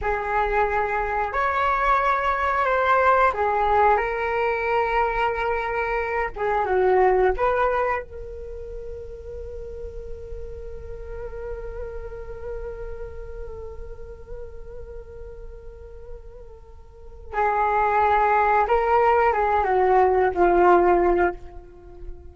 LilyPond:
\new Staff \with { instrumentName = "flute" } { \time 4/4 \tempo 4 = 90 gis'2 cis''2 | c''4 gis'4 ais'2~ | ais'4. gis'8 fis'4 b'4 | ais'1~ |
ais'1~ | ais'1~ | ais'2 gis'2 | ais'4 gis'8 fis'4 f'4. | }